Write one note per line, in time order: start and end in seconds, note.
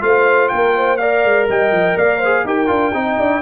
0.00 0.50 A3
0.00 0.98 F4
0.00 0.52 C5
0.00 0.48 F5
0.48 1.24 A#3
0.48 0.76 A#4
0.48 0.96 G5
0.76 0.99 C5
0.96 2.23 A#4
0.96 1.48 D5
0.96 1.45 F5
1.24 1.48 G#3
1.49 1.71 G3
1.49 1.97 D#5
1.49 1.97 G5
1.71 1.96 F3
1.97 2.44 A#3
1.97 2.18 D5
1.97 2.46 F5
2.18 2.42 C5
2.24 2.46 G#4
2.44 2.69 D#4
2.44 2.66 G4
2.44 2.95 A#4
2.44 3.41 G5
2.66 2.93 D4
2.66 2.91 F4
2.93 3.18 C4
2.93 3.41 D#4
2.93 3.19 D#5
3.19 3.41 D4
3.19 3.41 D5